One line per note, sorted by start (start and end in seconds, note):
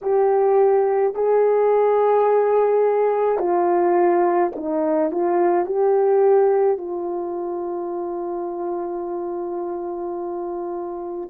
0.01 1.14 G4
1.14 3.38 G#4
3.38 4.51 F4
4.55 5.11 D#4
5.11 5.66 F4
5.66 6.77 G4
6.77 11.29 F4